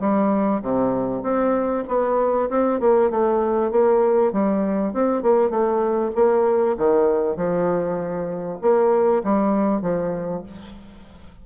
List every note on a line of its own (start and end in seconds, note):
0.00 0.61 G3
0.62 1.23 C3
1.23 1.85 C4
1.88 2.50 B3
2.50 2.81 C4
2.81 3.11 A#3
3.11 3.72 A3
3.72 4.33 A#3
4.33 4.93 G3
4.93 5.23 C4
5.23 5.50 A#3
5.50 6.11 A3
6.15 6.77 A#3
6.78 7.37 D#3
7.37 8.59 F3
8.62 9.23 A#3
9.24 9.82 G3
9.82 10.43 F3